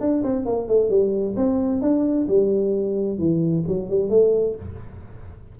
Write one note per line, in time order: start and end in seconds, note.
0.00 0.23 D4
0.23 0.46 C4
0.46 0.68 A#3
0.68 0.90 A3
0.90 1.35 G3
1.36 1.81 C4
1.81 2.27 D4
2.28 3.18 G3
3.18 3.64 E3
3.67 3.90 F#3
3.90 4.10 G3
4.10 4.55 A3